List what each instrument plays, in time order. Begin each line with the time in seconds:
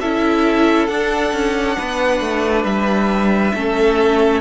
0.00 cello C#4, viola E4, violin A4 E5
0.86 cello D4, viola D4, violin F#5
1.33 cello C#4
1.78 cello B3, violin B4
2.20 cello A3
2.64 cello G3, violin E5
3.54 cello A3, viola C#4, violin A4